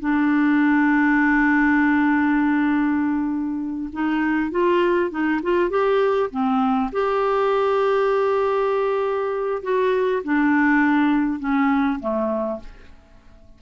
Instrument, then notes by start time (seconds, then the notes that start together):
clarinet
0.00 D4
3.93 D#4
4.51 F4
5.11 D#4
5.43 F4
5.70 G4
6.31 C4
6.92 G4
9.63 F#4
10.24 D4
11.39 C#4
12.00 A3